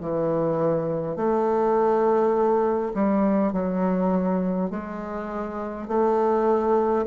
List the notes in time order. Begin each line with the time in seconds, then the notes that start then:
0.00 E3
1.16 A3
2.94 G3
3.52 F#3
4.70 G#3
5.88 A3